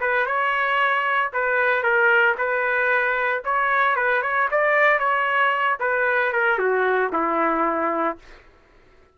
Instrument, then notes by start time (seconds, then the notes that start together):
trumpet
0.00 B4
0.26 C#5
1.33 B4
1.83 A#4
2.37 B4
3.44 C#5
3.95 B4
4.22 C#5
4.50 D5
4.99 C#5
5.79 B4
6.32 A#4
6.58 F#4
7.12 E4